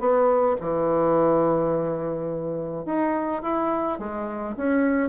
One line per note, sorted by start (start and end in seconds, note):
0.00 0.57 B3
0.61 2.86 E3
2.86 3.42 D#4
3.42 3.99 E4
3.99 4.56 G#3
4.57 5.09 C#4